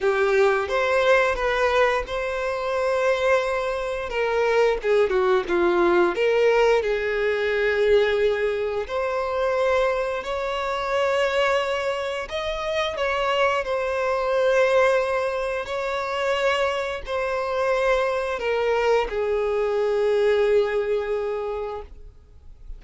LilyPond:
\new Staff \with { instrumentName = "violin" } { \time 4/4 \tempo 4 = 88 g'4 c''4 b'4 c''4~ | c''2 ais'4 gis'8 fis'8 | f'4 ais'4 gis'2~ | gis'4 c''2 cis''4~ |
cis''2 dis''4 cis''4 | c''2. cis''4~ | cis''4 c''2 ais'4 | gis'1 | }